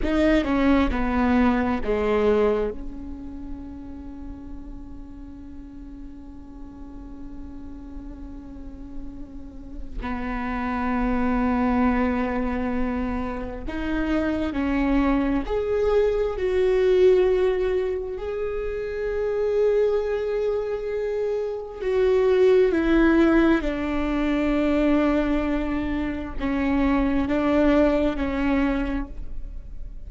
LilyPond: \new Staff \with { instrumentName = "viola" } { \time 4/4 \tempo 4 = 66 dis'8 cis'8 b4 gis4 cis'4~ | cis'1~ | cis'2. b4~ | b2. dis'4 |
cis'4 gis'4 fis'2 | gis'1 | fis'4 e'4 d'2~ | d'4 cis'4 d'4 cis'4 | }